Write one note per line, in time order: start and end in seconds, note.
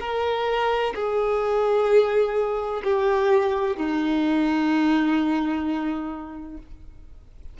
0.00 0.94 A#4
0.95 2.82 G#4
2.84 3.76 G4
3.76 6.58 D#4